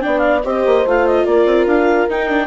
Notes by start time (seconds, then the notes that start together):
0.00 B3 D4 D5 G5
0.18 F5
0.44 C4 G4 C5 D#5
0.65 A#3
0.86 A3 F4 F5
1.07 D#5
1.25 A#3 A#4 D5
1.46 C4
1.66 D4 F5
2.09 D#4 G5
2.29 D4